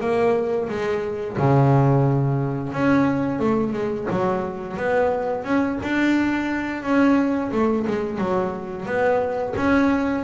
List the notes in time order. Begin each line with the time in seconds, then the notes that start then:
0.00 A#3
0.68 G#3
1.37 C#3
2.72 C#4
3.39 A3
3.73 G#3
4.10 F#3
4.76 B3
5.44 C#4
5.82 D4
6.82 C#4
7.51 A3
7.87 G#3
8.18 F#3
8.85 B3
9.56 C#4